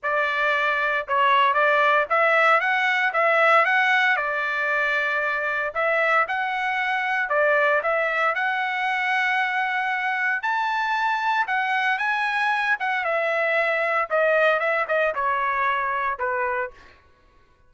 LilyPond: \new Staff \with { instrumentName = "trumpet" } { \time 4/4 \tempo 4 = 115 d''2 cis''4 d''4 | e''4 fis''4 e''4 fis''4 | d''2. e''4 | fis''2 d''4 e''4 |
fis''1 | a''2 fis''4 gis''4~ | gis''8 fis''8 e''2 dis''4 | e''8 dis''8 cis''2 b'4 | }